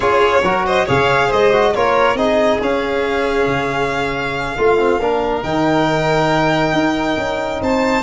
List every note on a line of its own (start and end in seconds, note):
0.00 0.40 C#4
0.00 0.42 F4
0.00 0.41 G#4
0.00 0.65 C#5
0.42 0.85 F#3
0.42 0.87 F#4
0.42 0.65 A#4
0.65 0.85 C5
0.65 0.88 D#5
0.85 1.32 C#3
0.85 1.52 G#4
0.85 1.27 C#5
0.85 1.32 F5
1.27 1.75 G#3
1.27 1.70 C5
1.27 1.74 D#5
1.52 1.74 F#4
1.74 2.14 A#3
1.74 2.17 F4
1.74 2.17 A#4
1.74 2.16 C#5
2.14 2.58 C4
2.14 2.60 D#4
2.14 4.57 G#4
2.14 2.60 D#5
2.60 3.46 C#4
2.60 4.57 C#4
2.60 5.43 F5
3.46 4.55 C#3
4.57 4.99 A3
4.57 4.77 F4
4.57 5.01 F4
4.77 4.99 C4
4.99 5.43 A#3
4.99 5.42 D4
4.99 7.61 A#4
5.42 6.72 D#3
5.42 8.03 D#4
5.42 7.60 G5
6.72 7.16 D#4
7.16 7.60 C#4
7.60 8.03 C4
7.60 8.03 C5
7.60 8.03 A5